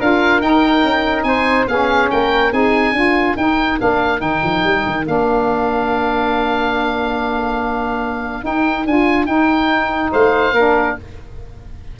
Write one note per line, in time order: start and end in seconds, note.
0.00 0.41 D4
0.00 0.41 F4
0.00 1.27 A#4
0.00 0.42 F5
0.41 1.68 D#4
0.41 0.84 D#4
0.41 1.24 G5
0.84 1.24 C#4
1.24 1.66 C4
1.24 1.69 C5
1.24 1.66 G#5
1.68 2.10 B3
1.68 2.52 C#4
1.68 2.12 G#4
1.68 2.10 F5
2.11 2.52 A#3
2.11 2.53 A#4
2.11 2.53 G5
2.52 2.93 C4
2.52 2.94 D#4
2.52 2.95 G#4
2.52 3.37 G#5
2.93 3.35 D4
2.93 3.37 F4
2.93 10.12 A#4
3.37 3.79 D#4
3.37 3.79 G5
3.79 4.21 A#3
3.79 4.18 D4
3.79 4.21 F5
4.18 4.42 D#3
4.18 5.03 D#4
4.18 5.05 G5
4.44 4.64 F3
4.64 4.85 G3
4.87 5.07 D#3
5.06 8.44 A#3
5.06 8.43 D4
5.06 8.46 F5
8.43 8.85 D#4
8.43 8.86 D#4
8.43 8.87 G5
8.86 9.26 D4
8.86 9.27 F4
8.86 9.26 G#5
9.26 10.11 D#4
9.26 10.53 D#4
9.26 10.11 G5
10.12 10.53 A3
10.12 10.54 C5
10.12 10.98 F5
10.53 10.95 A#3
10.53 11.00 D4
10.53 10.96 A#4